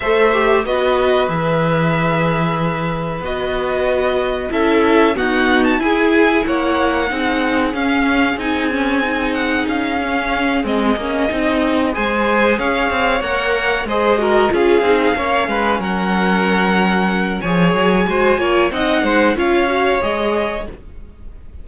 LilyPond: <<
  \new Staff \with { instrumentName = "violin" } { \time 4/4 \tempo 4 = 93 e''4 dis''4 e''2~ | e''4 dis''2 e''4 | fis''8. a''16 gis''4 fis''2 | f''4 gis''4. fis''8 f''4~ |
f''8 dis''2 gis''4 f''8~ | f''8 fis''4 dis''4 f''4.~ | f''8 fis''2~ fis''8 gis''4~ | gis''4 fis''4 f''4 dis''4 | }
  \new Staff \with { instrumentName = "violin" } { \time 4/4 c''4 b'2.~ | b'2. a'4 | fis'4 gis'4 cis''4 gis'4~ | gis'1~ |
gis'2~ gis'8 c''4 cis''8~ | cis''4. c''8 ais'8 gis'4 cis''8 | b'8 ais'2~ ais'8 cis''4 | c''8 cis''8 dis''8 c''8 cis''2 | }
  \new Staff \with { instrumentName = "viola" } { \time 4/4 a'8 g'8 fis'4 gis'2~ | gis'4 fis'2 e'4 | b4 e'2 dis'4 | cis'4 dis'8 cis'8 dis'4. cis'8~ |
cis'8 c'8 cis'8 dis'4 gis'4.~ | gis'8 ais'4 gis'8 fis'8 f'8 dis'8 cis'8~ | cis'2. gis'4 | fis'8 f'8 dis'4 f'8 fis'8 gis'4 | }
  \new Staff \with { instrumentName = "cello" } { \time 4/4 a4 b4 e2~ | e4 b2 cis'4 | dis'4 e'4 ais4 c'4 | cis'4 c'2 cis'4~ |
cis'8 gis8 ais8 c'4 gis4 cis'8 | c'8 ais4 gis4 cis'8 c'8 ais8 | gis8 fis2~ fis8 f8 fis8 | gis8 ais8 c'8 gis8 cis'4 gis4 | }
>>